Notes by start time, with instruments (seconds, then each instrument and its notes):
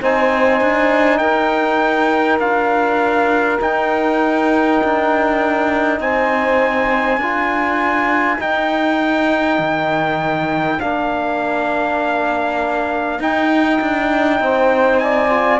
0.00 cello C4, trombone D#4, saxophone C5, trumpet G#5
0.60 cello D4
1.18 cello D#4, saxophone A#4, trumpet G5
2.39 cello D4, trombone F4, trumpet F5
3.60 trombone D#4, cello D#4, trumpet G5
4.83 cello D4
5.99 cello C4, saxophone C5, trumpet G#5
7.17 cello D4, trombone F4, saxophone A#4
8.38 trombone D#4, cello D#4, trumpet G5
9.58 cello D#3
10.79 cello A#3, trombone D4, trumpet F5
13.19 cello D#4, trombone D#4, trumpet G5
13.81 cello D4
14.40 cello C4, saxophone C5
14.98 saxophone D5, trumpet G#5
15.29 trombone F4